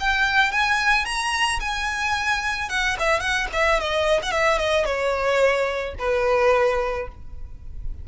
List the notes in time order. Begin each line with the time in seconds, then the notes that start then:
0.00 G5
0.52 G#5
1.05 A#5
1.60 G#5
2.69 F#5
3.00 E5
3.20 F#5
3.53 E5
3.80 D#5
4.22 F#5
4.32 E5
4.59 D#5
4.86 C#5
5.99 B4